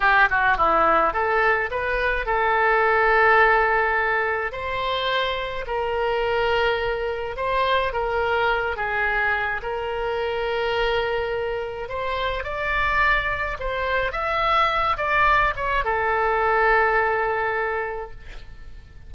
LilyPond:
\new Staff \with { instrumentName = "oboe" } { \time 4/4 \tempo 4 = 106 g'8 fis'8 e'4 a'4 b'4 | a'1 | c''2 ais'2~ | ais'4 c''4 ais'4. gis'8~ |
gis'4 ais'2.~ | ais'4 c''4 d''2 | c''4 e''4. d''4 cis''8 | a'1 | }